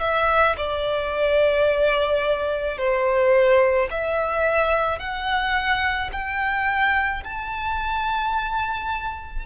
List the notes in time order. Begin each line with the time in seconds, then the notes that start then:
0.00 E5
0.57 D5
2.78 C5
3.91 E5
4.99 F#5
6.12 G5
7.24 A5